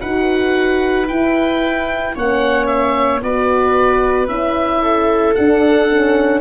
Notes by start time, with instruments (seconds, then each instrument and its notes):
0.00 tuba D#4, horn F#4, viola B4, oboe F#5
1.08 horn E4, tuba E4, oboe G5
2.15 tuba A#3, horn C#4, viola C#5, oboe F#5
2.67 oboe E5
3.23 tuba B3, horn F#4, viola B4, oboe D5
4.28 tuba C#4, horn E4, oboe E5
4.82 viola A4
5.35 horn D4, tuba D4, oboe F#5
5.90 horn C#4